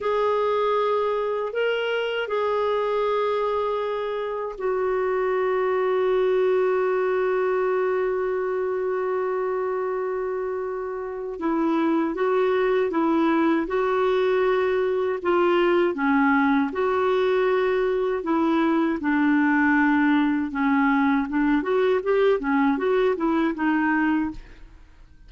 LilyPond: \new Staff \with { instrumentName = "clarinet" } { \time 4/4 \tempo 4 = 79 gis'2 ais'4 gis'4~ | gis'2 fis'2~ | fis'1~ | fis'2. e'4 |
fis'4 e'4 fis'2 | f'4 cis'4 fis'2 | e'4 d'2 cis'4 | d'8 fis'8 g'8 cis'8 fis'8 e'8 dis'4 | }